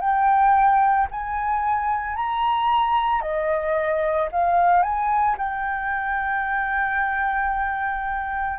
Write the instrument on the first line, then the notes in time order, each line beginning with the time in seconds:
flute
0.00 G5
1.11 G#5
2.16 A#5
3.21 D#5
4.31 F5
4.82 G#5
5.37 G5